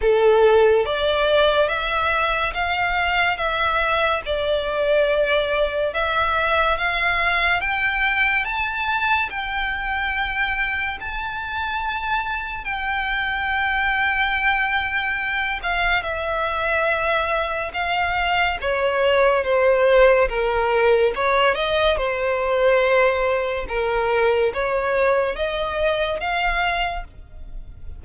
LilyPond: \new Staff \with { instrumentName = "violin" } { \time 4/4 \tempo 4 = 71 a'4 d''4 e''4 f''4 | e''4 d''2 e''4 | f''4 g''4 a''4 g''4~ | g''4 a''2 g''4~ |
g''2~ g''8 f''8 e''4~ | e''4 f''4 cis''4 c''4 | ais'4 cis''8 dis''8 c''2 | ais'4 cis''4 dis''4 f''4 | }